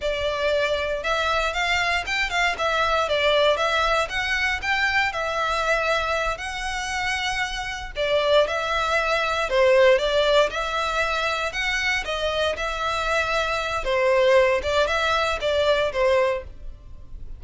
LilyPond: \new Staff \with { instrumentName = "violin" } { \time 4/4 \tempo 4 = 117 d''2 e''4 f''4 | g''8 f''8 e''4 d''4 e''4 | fis''4 g''4 e''2~ | e''8 fis''2. d''8~ |
d''8 e''2 c''4 d''8~ | d''8 e''2 fis''4 dis''8~ | dis''8 e''2~ e''8 c''4~ | c''8 d''8 e''4 d''4 c''4 | }